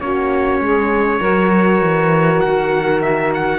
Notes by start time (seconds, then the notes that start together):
0.00 A#3 C#4 F#4 C#5
0.60 G#3 G#4
1.20 F#3 F#4 A#4
1.81 E3
2.40 D#3 F#5
3.02 E5
3.34 F#5